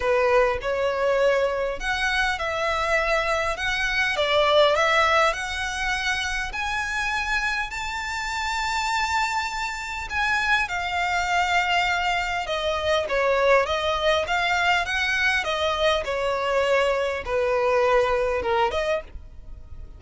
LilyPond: \new Staff \with { instrumentName = "violin" } { \time 4/4 \tempo 4 = 101 b'4 cis''2 fis''4 | e''2 fis''4 d''4 | e''4 fis''2 gis''4~ | gis''4 a''2.~ |
a''4 gis''4 f''2~ | f''4 dis''4 cis''4 dis''4 | f''4 fis''4 dis''4 cis''4~ | cis''4 b'2 ais'8 dis''8 | }